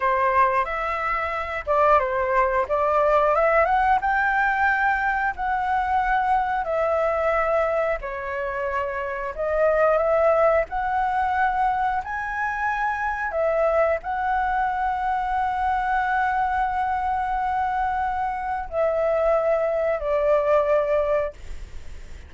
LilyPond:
\new Staff \with { instrumentName = "flute" } { \time 4/4 \tempo 4 = 90 c''4 e''4. d''8 c''4 | d''4 e''8 fis''8 g''2 | fis''2 e''2 | cis''2 dis''4 e''4 |
fis''2 gis''2 | e''4 fis''2.~ | fis''1 | e''2 d''2 | }